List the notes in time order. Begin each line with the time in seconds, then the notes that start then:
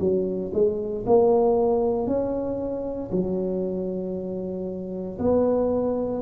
0.00 F#3
0.54 G#3
1.07 A#3
2.07 C#4
3.12 F#3
5.19 B3